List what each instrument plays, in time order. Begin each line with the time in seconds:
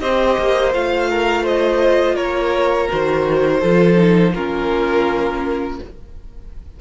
0.00 cello C4, viola G4, violin C5 D#5
0.39 cello A#3
0.74 cello A3, viola F4, violin F5
1.10 violin A#4
1.43 violin C5 D#5
2.15 cello A#3, violin A#4 C#5
2.89 cello D#3, viola F#4, violin C5
3.60 cello F3, viola F4, violin A4
3.96 viola D#4
4.34 cello A#3, viola C#4, violin F4 A#4